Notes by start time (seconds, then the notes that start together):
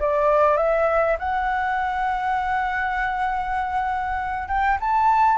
0.00 D5
0.58 E5
1.19 F#5
4.48 G5
4.81 A5